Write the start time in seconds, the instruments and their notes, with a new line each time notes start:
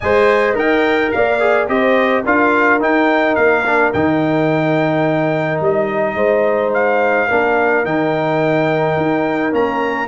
0.00 tuba G#3, trombone C5, horn D#5, trumpet G#5
0.54 tuba D#4, trombone A#4, trumpet G5
1.11 tuba A#3, horn D5, trumpet F5
1.39 trombone G#4
1.68 tuba C4, trombone G4, horn C5, trumpet D#5
2.25 tuba D4, trombone F4, horn A#4, trumpet F5
2.80 trombone D#4, tuba D#4, trumpet G5
3.35 tuba A#3, trumpet F5
3.65 trombone D4
3.93 tuba D#3, trombone D#4, trumpet G5
5.60 tuba G3, trumpet D#5
6.14 tuba G#3, horn C5
6.73 trumpet F5
7.27 tuba A#3, trombone D4, horn A#4
7.84 tuba D#3, trombone D#4, trumpet G5
8.96 tuba D#4
9.51 tuba A#3, trombone C#4, trumpet A#5